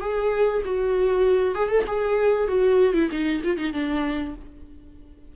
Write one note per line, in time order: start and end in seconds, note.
0.00 0.62 G#4
0.64 1.55 F#4
1.55 1.68 G#4
1.68 1.84 A4
1.87 2.47 G#4
2.47 2.94 F#4
2.94 3.09 E4
3.11 3.42 D#4
3.44 3.57 F4
3.57 3.73 D#4
3.73 4.34 D4